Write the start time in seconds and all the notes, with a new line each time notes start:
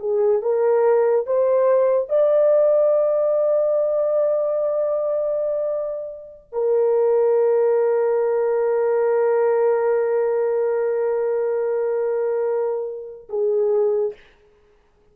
0.00 G#4
0.42 A#4
1.27 C5
2.10 D5
6.53 A#4
13.30 G#4